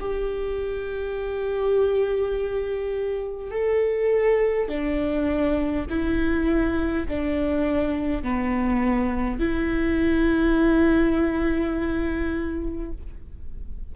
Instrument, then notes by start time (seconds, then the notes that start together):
viola
0.00 G4
3.51 A4
4.69 D4
5.90 E4
7.09 D4
8.23 B3
9.40 E4